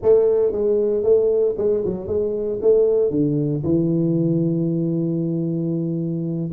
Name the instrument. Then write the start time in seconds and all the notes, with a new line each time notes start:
tuba
0.02 A3
0.52 G#3
1.03 A3
1.57 G#3
1.85 F#3
2.07 G#3
2.61 A3
3.10 D3
3.63 E3